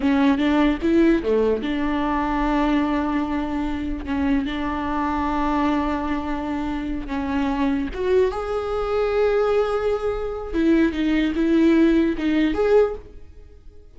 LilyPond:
\new Staff \with { instrumentName = "viola" } { \time 4/4 \tempo 4 = 148 cis'4 d'4 e'4 a4 | d'1~ | d'2 cis'4 d'4~ | d'1~ |
d'4. cis'2 fis'8~ | fis'8 gis'2.~ gis'8~ | gis'2 e'4 dis'4 | e'2 dis'4 gis'4 | }